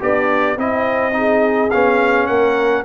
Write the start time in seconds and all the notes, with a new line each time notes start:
0.00 B3 D4 G4 D5
0.57 C4 E4 D#5
1.12 D#4 G#4
1.70 B3 C#4 F5
2.27 A#3 A#4 F#5